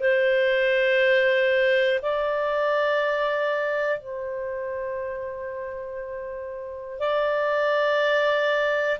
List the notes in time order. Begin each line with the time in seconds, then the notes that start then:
0.00 C5
2.02 D5
4.00 C5
6.99 D5